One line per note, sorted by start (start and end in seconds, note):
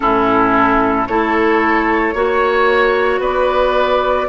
0.00 1.08 A2
0.00 1.07 C#4
0.00 1.08 E4
0.00 1.06 A4
1.06 2.14 A3
1.06 2.14 E4
1.06 2.15 A4
1.06 3.21 C#5
2.14 3.19 A#3
2.14 4.28 F#4
2.14 3.20 C#5
3.19 4.26 B3
3.19 4.27 B4
3.19 4.28 D5